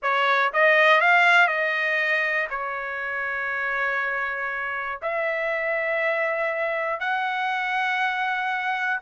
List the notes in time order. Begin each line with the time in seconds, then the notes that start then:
0.02 C#5
0.53 D#5
1.00 F5
1.47 D#5
2.50 C#5
5.01 E5
7.00 F#5